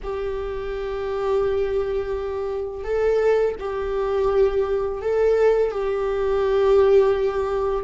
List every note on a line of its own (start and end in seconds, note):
0.03 2.84 G4
2.84 3.55 A4
3.59 5.01 G4
5.01 5.71 A4
5.71 7.84 G4